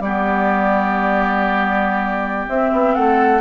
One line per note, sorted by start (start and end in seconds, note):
0.00 2.46 G3
0.00 2.51 B3
0.00 2.95 G4
0.00 2.48 D5
2.49 2.72 C4
2.49 3.41 C4
2.49 2.95 E5
2.73 2.96 B3
2.95 3.41 A3
2.95 3.41 A4
2.95 3.41 F#5